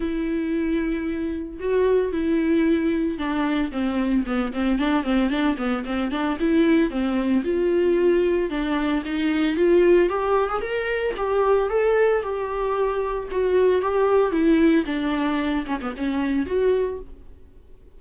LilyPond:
\new Staff \with { instrumentName = "viola" } { \time 4/4 \tempo 4 = 113 e'2. fis'4 | e'2 d'4 c'4 | b8 c'8 d'8 c'8 d'8 b8 c'8 d'8 | e'4 c'4 f'2 |
d'4 dis'4 f'4 g'8. gis'16 | ais'4 g'4 a'4 g'4~ | g'4 fis'4 g'4 e'4 | d'4. cis'16 b16 cis'4 fis'4 | }